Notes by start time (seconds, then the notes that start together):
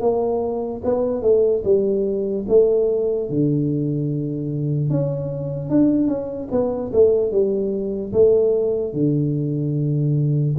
0.00 A#3
0.84 B3
1.22 A3
1.64 G3
2.48 A3
3.29 D3
4.89 C#4
5.69 D4
6.07 C#4
6.51 B3
6.93 A3
7.31 G3
8.12 A3
8.93 D3